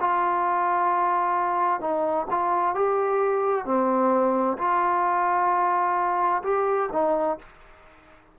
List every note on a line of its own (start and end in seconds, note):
0.00 1.80 F4
1.80 2.26 D#4
2.30 2.74 F4
2.74 3.65 G4
3.65 4.57 C4
4.58 6.42 F4
6.43 6.89 G4
6.92 7.38 D#4